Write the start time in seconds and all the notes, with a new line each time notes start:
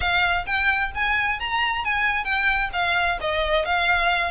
0.00 F5
0.46 G5
0.94 G#5
1.39 A#5
1.84 G#5
2.24 G5
2.73 F5
3.20 D#5
3.65 F5